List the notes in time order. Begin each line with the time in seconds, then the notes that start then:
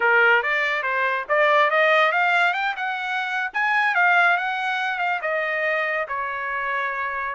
0.00 A#4
0.42 D5
0.82 C5
1.28 D5
1.70 D#5
2.12 F5
2.53 G5
2.76 F#5
3.53 G#5
3.95 F5
4.37 F#5
4.98 F5
5.21 D#5
6.08 C#5